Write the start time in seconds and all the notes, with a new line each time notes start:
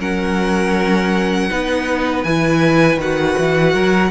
0.00 F#3 C#4 A#4 F#5
1.50 B3 D#4 B4
2.24 E3 E4 G#5
2.97 D#3 F#4 F#5
3.39 E3
3.74 F#3 A#4